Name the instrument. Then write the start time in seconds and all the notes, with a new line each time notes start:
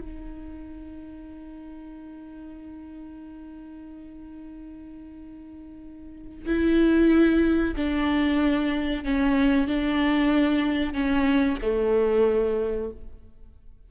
viola
0.00 D#4
6.46 E4
7.77 D4
9.04 C#4
9.67 D4
10.94 C#4
11.62 A3